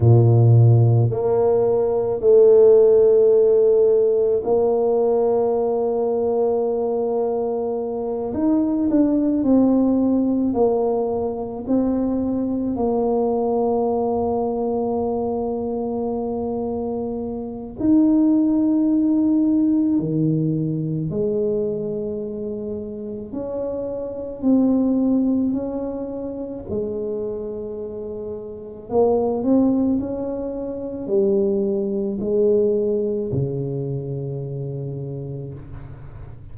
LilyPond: \new Staff \with { instrumentName = "tuba" } { \time 4/4 \tempo 4 = 54 ais,4 ais4 a2 | ais2.~ ais8 dis'8 | d'8 c'4 ais4 c'4 ais8~ | ais1 |
dis'2 dis4 gis4~ | gis4 cis'4 c'4 cis'4 | gis2 ais8 c'8 cis'4 | g4 gis4 cis2 | }